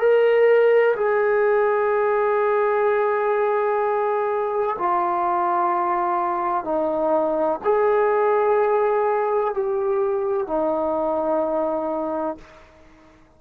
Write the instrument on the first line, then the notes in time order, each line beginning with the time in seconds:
trombone
0.00 A#4
0.97 G#4
4.79 F4
6.65 D#4
7.65 G#4
9.55 G4
10.48 D#4